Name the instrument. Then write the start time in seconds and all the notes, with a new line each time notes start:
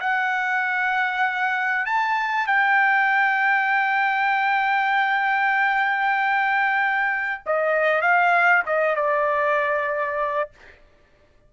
trumpet
0.00 F#5
1.86 A5
2.47 G5
7.46 D#5
8.02 F5
8.66 D#5
8.96 D5